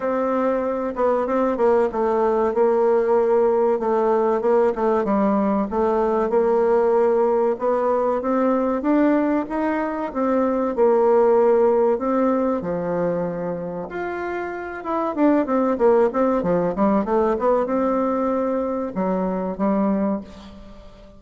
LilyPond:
\new Staff \with { instrumentName = "bassoon" } { \time 4/4 \tempo 4 = 95 c'4. b8 c'8 ais8 a4 | ais2 a4 ais8 a8 | g4 a4 ais2 | b4 c'4 d'4 dis'4 |
c'4 ais2 c'4 | f2 f'4. e'8 | d'8 c'8 ais8 c'8 f8 g8 a8 b8 | c'2 fis4 g4 | }